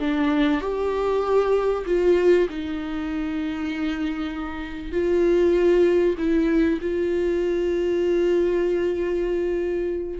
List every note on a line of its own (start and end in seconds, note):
0.00 0.61 D4
0.61 1.85 G4
1.86 2.48 F4
2.50 4.92 D#4
4.92 6.16 F4
6.18 6.80 E4
6.82 10.20 F4